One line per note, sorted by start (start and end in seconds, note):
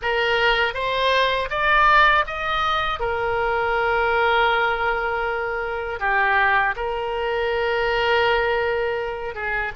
0.01 0.73 A#4
0.73 1.48 C5
1.50 2.25 D5
2.26 2.99 D#5
2.99 5.99 A#4
5.99 6.74 G4
6.75 9.34 A#4
9.34 9.72 G#4